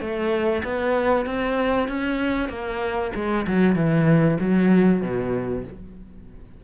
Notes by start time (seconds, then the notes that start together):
0.00 A3
0.64 B3
1.26 C4
1.88 C#4
2.49 A#3
3.15 G#3
3.47 F#3
3.75 E3
4.40 F#3
5.02 B2